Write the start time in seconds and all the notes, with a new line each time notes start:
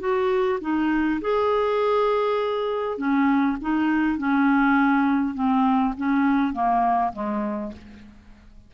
0.00 F#4
0.61 D#4
1.21 G#4
2.98 C#4
3.62 D#4
4.18 C#4
5.35 C4
5.97 C#4
6.53 A#3
7.13 G#3